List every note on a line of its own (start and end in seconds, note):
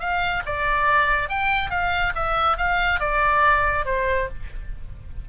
0.00 0.43 F5
0.46 1.29 D5
1.29 1.70 G5
1.70 2.13 F5
2.15 2.58 E5
2.58 3.00 F5
3.00 3.86 D5
3.86 4.29 C5